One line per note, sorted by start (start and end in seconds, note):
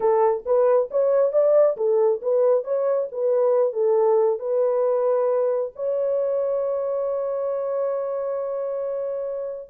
0.00 0.43 A4
0.45 0.89 B4
0.90 1.32 C#5
1.32 1.76 D5
1.76 2.20 A4
2.22 2.64 B4
2.64 3.08 C#5
3.11 3.72 B4
3.72 4.39 A4
4.39 5.71 B4
5.75 9.69 C#5